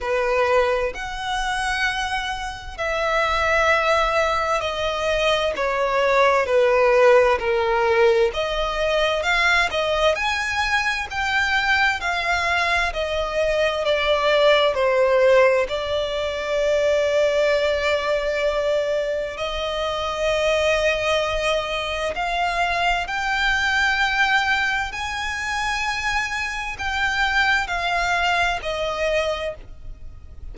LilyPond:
\new Staff \with { instrumentName = "violin" } { \time 4/4 \tempo 4 = 65 b'4 fis''2 e''4~ | e''4 dis''4 cis''4 b'4 | ais'4 dis''4 f''8 dis''8 gis''4 | g''4 f''4 dis''4 d''4 |
c''4 d''2.~ | d''4 dis''2. | f''4 g''2 gis''4~ | gis''4 g''4 f''4 dis''4 | }